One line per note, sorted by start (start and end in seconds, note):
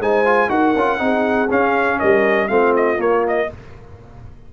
0.00 0.50 G#3
0.00 0.26 D#4
0.00 0.50 C5
0.00 0.50 G#5
0.26 0.49 F4
0.49 0.75 D#4
0.49 0.74 F#4
0.49 1.01 A#4
0.49 1.50 F#5
0.76 1.00 C#4
0.76 0.98 F4
0.98 1.50 C4
0.98 1.48 D#4
0.98 1.99 G#4
1.51 2.49 C#4
1.51 2.01 C#4
1.51 2.00 F5
1.99 2.50 G3
1.99 2.49 A#4
1.99 2.49 D#5
2.49 2.99 A3
2.49 2.98 C4
2.49 3.49 F4
2.49 2.74 F5
2.77 3.01 D#5
2.98 3.48 A#3
2.98 3.49 A#3
2.98 3.26 C#5
3.28 3.53 D#5